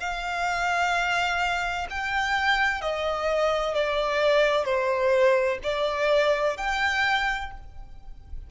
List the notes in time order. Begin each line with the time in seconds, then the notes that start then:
0.00 F5
1.90 G5
2.81 D#5
3.74 D5
4.64 C5
5.63 D5
6.57 G5